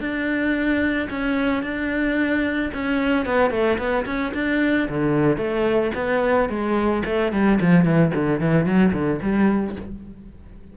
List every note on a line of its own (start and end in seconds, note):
0.00 1.08 D4
1.10 1.62 C#4
1.62 2.71 D4
2.73 3.25 C#4
3.25 3.50 B3
3.50 3.77 A3
3.78 4.05 B3
4.05 4.32 C#4
4.34 4.88 D4
4.88 5.37 D3
5.37 5.91 A3
5.95 6.49 B3
6.49 7.03 G#3
7.05 7.32 A3
7.32 7.59 G3
7.60 7.84 F3
7.84 8.11 E3
8.14 8.40 D3
8.40 8.65 E3
8.65 8.92 F#3
8.92 9.19 D3
9.22 9.76 G3